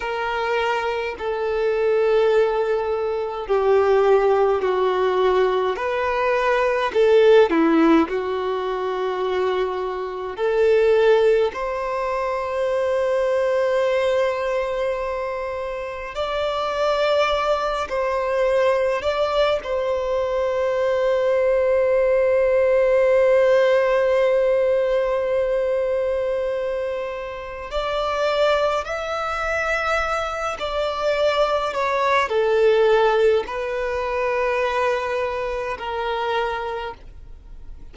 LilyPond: \new Staff \with { instrumentName = "violin" } { \time 4/4 \tempo 4 = 52 ais'4 a'2 g'4 | fis'4 b'4 a'8 e'8 fis'4~ | fis'4 a'4 c''2~ | c''2 d''4. c''8~ |
c''8 d''8 c''2.~ | c''1 | d''4 e''4. d''4 cis''8 | a'4 b'2 ais'4 | }